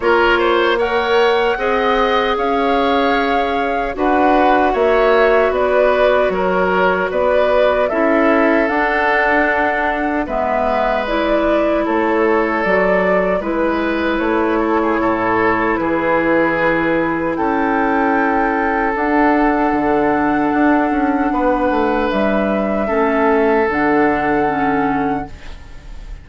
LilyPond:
<<
  \new Staff \with { instrumentName = "flute" } { \time 4/4 \tempo 4 = 76 cis''4 fis''2 f''4~ | f''4 fis''4 e''4 d''4 | cis''4 d''4 e''4 fis''4~ | fis''4 e''4 d''4 cis''4 |
d''4 b'4 cis''2 | b'2 g''2 | fis''1 | e''2 fis''2 | }
  \new Staff \with { instrumentName = "oboe" } { \time 4/4 ais'8 c''8 cis''4 dis''4 cis''4~ | cis''4 b'4 cis''4 b'4 | ais'4 b'4 a'2~ | a'4 b'2 a'4~ |
a'4 b'4. a'16 gis'16 a'4 | gis'2 a'2~ | a'2. b'4~ | b'4 a'2. | }
  \new Staff \with { instrumentName = "clarinet" } { \time 4/4 f'4 ais'4 gis'2~ | gis'4 fis'2.~ | fis'2 e'4 d'4~ | d'4 b4 e'2 |
fis'4 e'2.~ | e'1 | d'1~ | d'4 cis'4 d'4 cis'4 | }
  \new Staff \with { instrumentName = "bassoon" } { \time 4/4 ais2 c'4 cis'4~ | cis'4 d'4 ais4 b4 | fis4 b4 cis'4 d'4~ | d'4 gis2 a4 |
fis4 gis4 a4 a,4 | e2 cis'2 | d'4 d4 d'8 cis'8 b8 a8 | g4 a4 d2 | }
>>